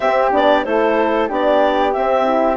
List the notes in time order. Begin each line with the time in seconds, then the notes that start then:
0.00 C4 G4 E5
0.32 B3 D4 D5
0.64 A3 E4 A4 C5
1.28 B3 D4 G4 D5
1.92 C4 E5
2.24 E4